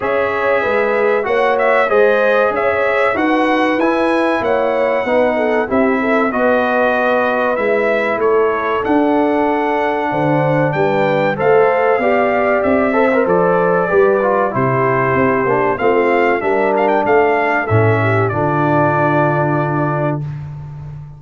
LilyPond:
<<
  \new Staff \with { instrumentName = "trumpet" } { \time 4/4 \tempo 4 = 95 e''2 fis''8 e''8 dis''4 | e''4 fis''4 gis''4 fis''4~ | fis''4 e''4 dis''2 | e''4 cis''4 fis''2~ |
fis''4 g''4 f''2 | e''4 d''2 c''4~ | c''4 f''4 e''8 f''16 g''16 f''4 | e''4 d''2. | }
  \new Staff \with { instrumentName = "horn" } { \time 4/4 cis''4 b'4 cis''4 c''4 | cis''4 b'2 cis''4 | b'8 a'8 g'8 a'8 b'2~ | b'4 a'2. |
c''4 b'4 c''4 d''4~ | d''8 c''4. b'4 g'4~ | g'4 f'4 ais'4 a'4~ | a'8 g'8 f'2. | }
  \new Staff \with { instrumentName = "trombone" } { \time 4/4 gis'2 fis'4 gis'4~ | gis'4 fis'4 e'2 | dis'4 e'4 fis'2 | e'2 d'2~ |
d'2 a'4 g'4~ | g'8 a'16 ais'16 a'4 g'8 f'8 e'4~ | e'8 d'8 c'4 d'2 | cis'4 d'2. | }
  \new Staff \with { instrumentName = "tuba" } { \time 4/4 cis'4 gis4 ais4 gis4 | cis'4 dis'4 e'4 ais4 | b4 c'4 b2 | gis4 a4 d'2 |
d4 g4 a4 b4 | c'4 f4 g4 c4 | c'8 ais8 a4 g4 a4 | a,4 d2. | }
>>